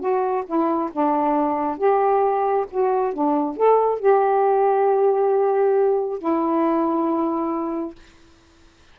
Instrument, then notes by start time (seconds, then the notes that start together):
saxophone
0.00 F#4
0.46 E4
0.92 D4
1.78 G4
2.71 F#4
3.13 D4
3.57 A4
4.00 G4
6.19 E4